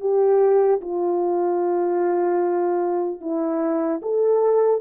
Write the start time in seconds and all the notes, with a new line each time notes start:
0.00 G4
0.81 F4
3.20 E4
4.01 A4